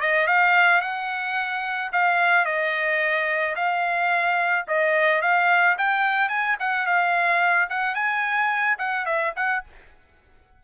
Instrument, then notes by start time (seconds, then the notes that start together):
trumpet
0.00 D#5
0.27 F5
0.81 F#5
1.92 F5
2.45 D#5
3.55 F5
4.67 D#5
5.21 F5
5.78 G5
6.29 G#5
6.59 F#5
6.86 F5
7.69 F#5
7.94 G#5
8.78 F#5
9.06 E5
9.36 F#5